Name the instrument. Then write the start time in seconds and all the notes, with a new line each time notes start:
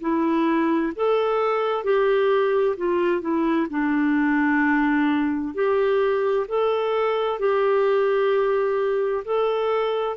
clarinet
0.00 E4
0.95 A4
1.83 G4
2.77 F4
3.21 E4
3.69 D4
5.54 G4
6.47 A4
7.39 G4
9.24 A4